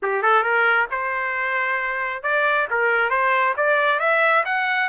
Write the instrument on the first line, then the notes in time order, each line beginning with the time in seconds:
trumpet
0.02 G4
0.22 A4
0.42 A#4
0.91 C5
2.23 D5
2.70 A#4
3.10 C5
3.56 D5
3.99 E5
4.45 F#5